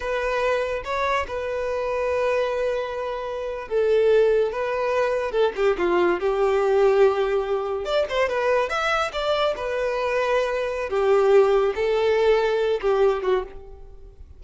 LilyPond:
\new Staff \with { instrumentName = "violin" } { \time 4/4 \tempo 4 = 143 b'2 cis''4 b'4~ | b'1~ | b'8. a'2 b'4~ b'16~ | b'8. a'8 g'8 f'4 g'4~ g'16~ |
g'2~ g'8. d''8 c''8 b'16~ | b'8. e''4 d''4 b'4~ b'16~ | b'2 g'2 | a'2~ a'8 g'4 fis'8 | }